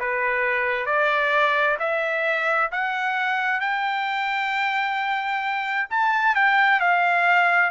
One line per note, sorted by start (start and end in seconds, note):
0.00 0.87 B4
0.87 1.78 D5
1.80 2.71 E5
2.72 3.61 F#5
3.61 5.88 G5
5.90 6.36 A5
6.36 6.80 G5
6.80 7.71 F5